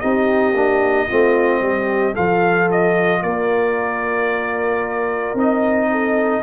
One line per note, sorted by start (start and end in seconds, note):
0.00 0.54 C4
0.00 0.54 D#4
0.00 1.08 G4
0.00 2.15 D#5
0.54 1.07 A#3
0.54 1.09 D4
1.08 1.61 A3
1.08 2.15 C4
1.08 1.61 F4
1.61 2.14 G3
1.61 2.14 G4
2.14 3.23 F3
2.14 5.37 F4
2.14 3.21 A4
2.14 2.69 F5
2.71 3.22 D#5
3.22 5.34 A#3
3.22 5.90 A#4
3.22 5.37 D5
5.34 6.41 C4
5.34 6.42 D#4
5.34 6.42 D#5
5.91 6.42 A4